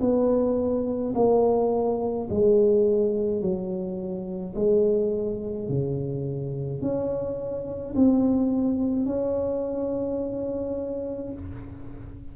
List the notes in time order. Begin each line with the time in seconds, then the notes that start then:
0.00 B3
1.15 A#3
2.30 G#3
3.41 F#3
4.55 G#3
5.68 C#3
6.81 C#4
7.95 C4
9.06 C#4